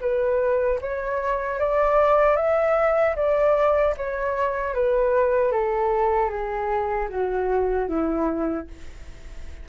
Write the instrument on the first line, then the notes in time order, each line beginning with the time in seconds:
flute
0.00 B4
0.80 C#5
1.59 D5
2.36 E5
3.15 D5
3.97 C#5
4.74 B4
5.52 A4
6.29 G#4
7.09 F#4
7.88 E4